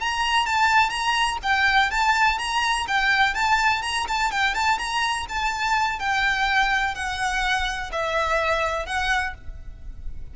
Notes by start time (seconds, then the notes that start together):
0.00 A#5
0.46 A5
0.90 A#5
1.42 G5
1.90 A5
2.38 A#5
2.87 G5
3.34 A5
3.82 A#5
4.08 A5
4.31 G5
4.54 A5
4.78 A#5
5.29 A5
5.99 G5
6.95 F#5
7.92 E5
8.86 F#5